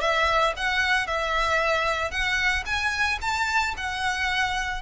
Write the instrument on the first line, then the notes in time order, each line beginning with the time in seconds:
violin
0.00 E5
0.56 F#5
1.07 E5
2.10 F#5
2.65 G#5
3.21 A5
3.77 F#5